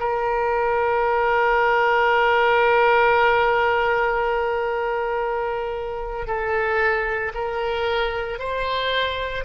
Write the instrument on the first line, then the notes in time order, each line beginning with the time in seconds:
oboe
0.00 A#4
6.27 A4
7.34 A#4
8.39 C5